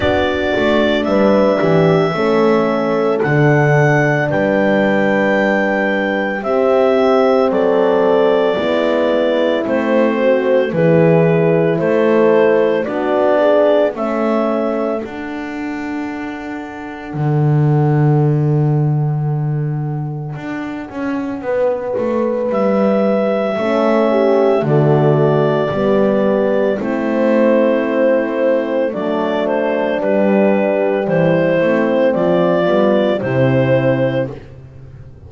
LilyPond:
<<
  \new Staff \with { instrumentName = "clarinet" } { \time 4/4 \tempo 4 = 56 d''4 e''2 fis''4 | g''2 e''4 d''4~ | d''4 c''4 b'4 c''4 | d''4 e''4 fis''2~ |
fis''1~ | fis''4 e''2 d''4~ | d''4 c''2 d''8 c''8 | b'4 c''4 d''4 c''4 | }
  \new Staff \with { instrumentName = "horn" } { \time 4/4 fis'4 b'8 g'8 a'2 | b'2 g'4 a'4 | e'4. fis'8 gis'4 a'4 | fis'8 gis'8 a'2.~ |
a'1 | b'2 a'8 g'8 fis'4 | g'4 e'2 d'4~ | d'4 e'4 f'4 e'4 | }
  \new Staff \with { instrumentName = "horn" } { \time 4/4 d'2 cis'4 d'4~ | d'2 c'2 | b4 c'4 e'2 | d'4 cis'4 d'2~ |
d'1~ | d'2 cis'4 a4 | b4 c'2 a4 | g4. c'4 b8 c'4 | }
  \new Staff \with { instrumentName = "double bass" } { \time 4/4 b8 a8 g8 e8 a4 d4 | g2 c'4 fis4 | gis4 a4 e4 a4 | b4 a4 d'2 |
d2. d'8 cis'8 | b8 a8 g4 a4 d4 | g4 a2 fis4 | g4 e8 a8 f8 g8 c4 | }
>>